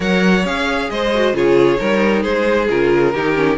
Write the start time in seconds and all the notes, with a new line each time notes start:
0.00 F#3 A#4 C#5 F#5
0.45 C#4 G#4 F5
0.90 G#3 C5 D#5
1.14 F#4
1.33 C#3 F4 G#4 C#5
1.77 G3 D#4 A#4
2.22 G#3 G#4 C5
2.69 C#3 F4 A#4
3.14 D#3 D#4 G4
3.34 C#4